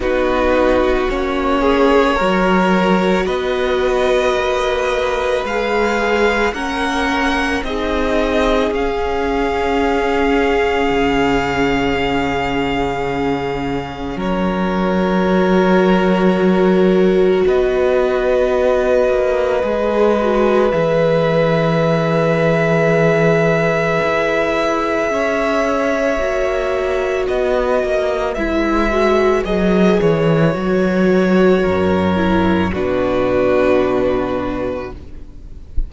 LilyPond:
<<
  \new Staff \with { instrumentName = "violin" } { \time 4/4 \tempo 4 = 55 b'4 cis''2 dis''4~ | dis''4 f''4 fis''4 dis''4 | f''1~ | f''4 cis''2. |
dis''2. e''4~ | e''1~ | e''4 dis''4 e''4 dis''8 cis''8~ | cis''2 b'2 | }
  \new Staff \with { instrumentName = "violin" } { \time 4/4 fis'4. gis'8 ais'4 b'4~ | b'2 ais'4 gis'4~ | gis'1~ | gis'4 ais'2. |
b'1~ | b'2. cis''4~ | cis''4 b'2.~ | b'4 ais'4 fis'2 | }
  \new Staff \with { instrumentName = "viola" } { \time 4/4 dis'4 cis'4 fis'2~ | fis'4 gis'4 cis'4 dis'4 | cis'1~ | cis'2 fis'2~ |
fis'2 gis'8 fis'8 gis'4~ | gis'1 | fis'2 e'8 fis'8 gis'4 | fis'4. e'8 d'2 | }
  \new Staff \with { instrumentName = "cello" } { \time 4/4 b4 ais4 fis4 b4 | ais4 gis4 ais4 c'4 | cis'2 cis2~ | cis4 fis2. |
b4. ais8 gis4 e4~ | e2 e'4 cis'4 | ais4 b8 ais8 gis4 fis8 e8 | fis4 fis,4 b,2 | }
>>